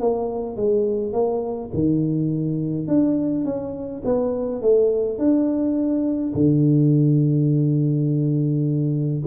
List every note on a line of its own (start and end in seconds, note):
0.00 0.56 A#3
0.56 1.12 G#3
1.12 1.70 A#3
1.73 2.87 D#3
2.87 3.45 D4
3.45 4.02 C#4
4.05 4.61 B3
4.61 5.18 A3
5.18 6.34 D4
6.34 9.23 D3